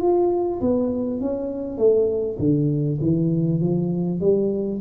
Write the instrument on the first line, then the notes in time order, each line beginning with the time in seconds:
tuba
0.00 F4
0.61 B3
1.20 C#4
1.77 A3
2.38 D3
3.01 E3
3.60 F3
4.20 G3